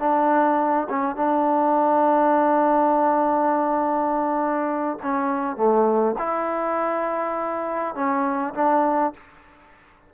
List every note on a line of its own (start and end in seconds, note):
0.00 0.88 D4
0.90 1.16 C#4
1.16 4.99 D4
5.03 5.57 C#4
5.57 6.16 A3
6.19 7.95 E4
7.95 8.54 C#4
8.55 9.14 D4